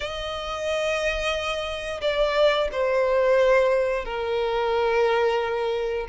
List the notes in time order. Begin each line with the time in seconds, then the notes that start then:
0.00 D#5
2.01 D5
2.72 C5
4.04 A#4